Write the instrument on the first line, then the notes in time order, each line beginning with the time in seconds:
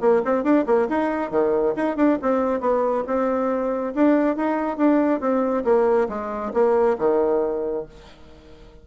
bassoon
0.00 A#3
0.25 C4
0.43 D4
0.66 A#3
0.89 D#4
1.31 D#3
1.76 D#4
1.96 D4
2.22 C4
2.60 B3
3.06 C4
3.95 D4
4.36 D#4
4.77 D4
5.20 C4
5.64 A#3
6.08 G#3
6.53 A#3
6.98 D#3